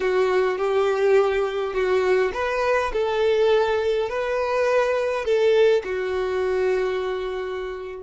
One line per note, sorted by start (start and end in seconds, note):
0.00 0.58 F#4
0.58 1.73 G4
1.73 2.32 F#4
2.33 2.92 B4
2.93 4.09 A4
4.09 5.24 B4
5.24 5.83 A4
5.84 8.02 F#4